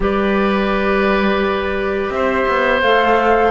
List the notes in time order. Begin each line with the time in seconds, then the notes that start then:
0.00 G3 G4 B4 D5
2.10 C4 C5 E5
2.47 B3
2.81 A3 A4 F5